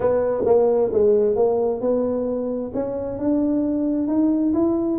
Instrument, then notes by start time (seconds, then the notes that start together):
tuba
0.00 B3
0.45 A#3
0.92 G#3
1.35 A#3
1.80 B3
2.74 C#4
3.18 D4
4.07 D#4
4.53 E4